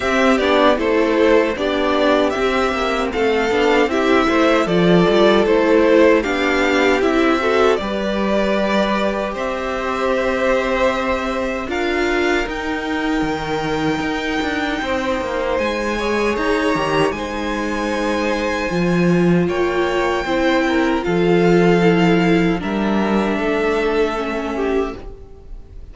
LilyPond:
<<
  \new Staff \with { instrumentName = "violin" } { \time 4/4 \tempo 4 = 77 e''8 d''8 c''4 d''4 e''4 | f''4 e''4 d''4 c''4 | f''4 e''4 d''2 | e''2. f''4 |
g''1 | gis''4 ais''4 gis''2~ | gis''4 g''2 f''4~ | f''4 e''2. | }
  \new Staff \with { instrumentName = "violin" } { \time 4/4 g'4 a'4 g'2 | a'4 g'8 c''8 a'2 | g'4. a'8 b'2 | c''2. ais'4~ |
ais'2. c''4~ | c''8 cis''4. c''2~ | c''4 cis''4 c''8 ais'8 a'4~ | a'4 ais'4 a'4. g'8 | }
  \new Staff \with { instrumentName = "viola" } { \time 4/4 c'8 d'8 e'4 d'4 c'4~ | c'8 d'8 e'4 f'4 e'4 | d'4 e'8 fis'8 g'2~ | g'2. f'4 |
dis'1~ | dis'8 gis'4 g'8 dis'2 | f'2 e'4 f'4 | e'4 d'2 cis'4 | }
  \new Staff \with { instrumentName = "cello" } { \time 4/4 c'8 b8 a4 b4 c'8 ais8 | a8 b8 c'8 a8 f8 g8 a4 | b4 c'4 g2 | c'2. d'4 |
dis'4 dis4 dis'8 d'8 c'8 ais8 | gis4 dis'8 dis8 gis2 | f4 ais4 c'4 f4~ | f4 g4 a2 | }
>>